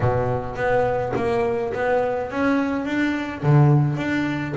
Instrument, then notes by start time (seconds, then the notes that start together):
double bass
0.00 B2
0.55 B3
1.16 A#3
1.73 B3
2.31 C#4
2.85 D4
3.43 D3
3.97 D4